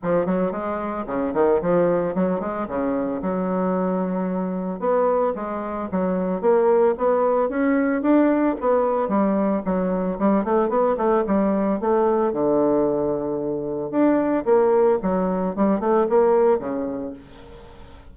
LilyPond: \new Staff \with { instrumentName = "bassoon" } { \time 4/4 \tempo 4 = 112 f8 fis8 gis4 cis8 dis8 f4 | fis8 gis8 cis4 fis2~ | fis4 b4 gis4 fis4 | ais4 b4 cis'4 d'4 |
b4 g4 fis4 g8 a8 | b8 a8 g4 a4 d4~ | d2 d'4 ais4 | fis4 g8 a8 ais4 cis4 | }